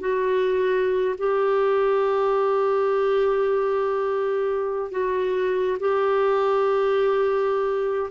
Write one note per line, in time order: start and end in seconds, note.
0.00 1.15 F#4
1.18 4.91 G4
4.91 5.78 F#4
5.80 8.10 G4